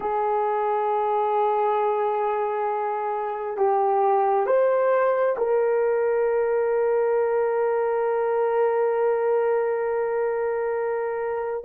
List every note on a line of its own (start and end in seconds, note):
0.00 3.57 G#4
3.57 4.46 G4
4.46 5.36 C5
5.37 11.64 A#4